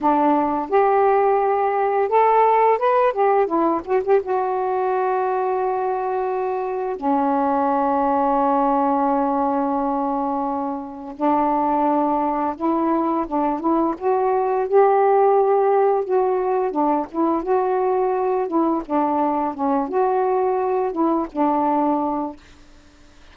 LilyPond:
\new Staff \with { instrumentName = "saxophone" } { \time 4/4 \tempo 4 = 86 d'4 g'2 a'4 | b'8 g'8 e'8 fis'16 g'16 fis'2~ | fis'2 cis'2~ | cis'1 |
d'2 e'4 d'8 e'8 | fis'4 g'2 fis'4 | d'8 e'8 fis'4. e'8 d'4 | cis'8 fis'4. e'8 d'4. | }